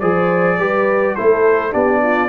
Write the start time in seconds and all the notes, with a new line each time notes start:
0.00 F3 G#4 C5 D5
0.58 G3 G4 B4
1.16 A3 E4 A4 C5
1.72 B3 D4 G4 D5
2.03 F4